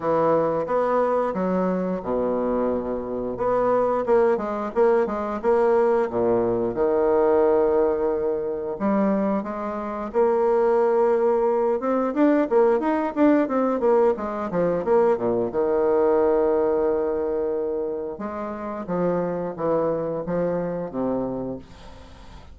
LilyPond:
\new Staff \with { instrumentName = "bassoon" } { \time 4/4 \tempo 4 = 89 e4 b4 fis4 b,4~ | b,4 b4 ais8 gis8 ais8 gis8 | ais4 ais,4 dis2~ | dis4 g4 gis4 ais4~ |
ais4. c'8 d'8 ais8 dis'8 d'8 | c'8 ais8 gis8 f8 ais8 ais,8 dis4~ | dis2. gis4 | f4 e4 f4 c4 | }